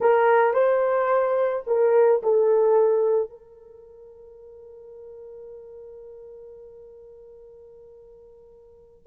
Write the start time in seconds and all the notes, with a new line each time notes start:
0.00 A#4
0.53 C5
1.67 A#4
2.22 A4
3.29 A#4